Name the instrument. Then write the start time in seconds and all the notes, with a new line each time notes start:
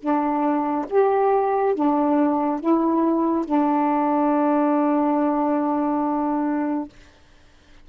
saxophone
0.00 D4
0.90 G4
1.75 D4
2.61 E4
3.46 D4